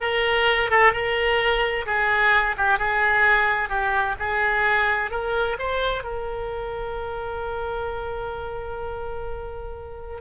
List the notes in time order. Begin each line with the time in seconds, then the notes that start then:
0.01 A#4
0.70 A4
0.92 A#4
1.86 G#4
2.57 G4
2.78 G#4
3.69 G4
4.19 G#4
5.10 A#4
5.59 C5
6.03 A#4